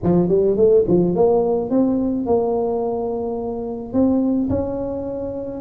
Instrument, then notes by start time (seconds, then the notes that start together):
tuba
0.03 F3
0.28 G3
0.56 A3
0.87 F3
1.15 A#3
1.69 C4
2.26 A#3
3.93 C4
4.49 C#4